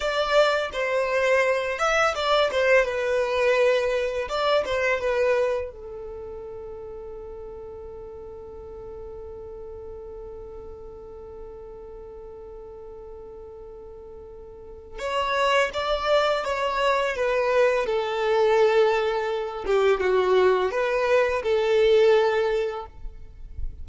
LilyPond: \new Staff \with { instrumentName = "violin" } { \time 4/4 \tempo 4 = 84 d''4 c''4. e''8 d''8 c''8 | b'2 d''8 c''8 b'4 | a'1~ | a'1~ |
a'1~ | a'4 cis''4 d''4 cis''4 | b'4 a'2~ a'8 g'8 | fis'4 b'4 a'2 | }